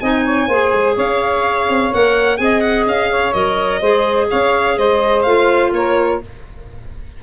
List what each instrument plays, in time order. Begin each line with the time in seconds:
0.00 tuba C4, clarinet D#4, saxophone D#5, violin G#5
0.25 saxophone C#5
0.47 tuba A#3, clarinet G#4, saxophone C5
0.72 tuba G#3
0.95 tuba C#4, saxophone C#5, violin F5
1.69 tuba C4
1.91 tuba A#3, clarinet A#4, violin F#5
2.37 tuba C4, clarinet G#4, saxophone D#5, violin G#5
2.60 violin F#5
2.86 tuba C#4, violin F5
3.10 saxophone C#5
3.33 tuba F#3, clarinet A#4, violin D#5
3.80 tuba G#3, clarinet G#4, saxophone C5
4.29 tuba C#4, saxophone C#5, violin F5
4.77 tuba G#3, saxophone C5, violin D#5
5.23 tuba A3, clarinet F4, violin F5
5.72 tuba A#3, saxophone A#4, violin C#5